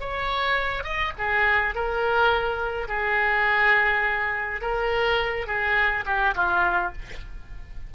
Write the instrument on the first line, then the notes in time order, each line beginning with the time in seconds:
oboe
0.00 C#5
0.84 D#5
1.18 G#4
1.75 A#4
2.88 G#4
4.61 A#4
5.47 G#4
6.06 G4
6.35 F4